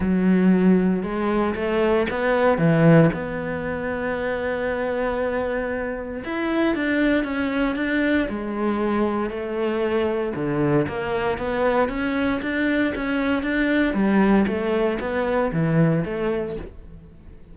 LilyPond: \new Staff \with { instrumentName = "cello" } { \time 4/4 \tempo 4 = 116 fis2 gis4 a4 | b4 e4 b2~ | b1 | e'4 d'4 cis'4 d'4 |
gis2 a2 | d4 ais4 b4 cis'4 | d'4 cis'4 d'4 g4 | a4 b4 e4 a4 | }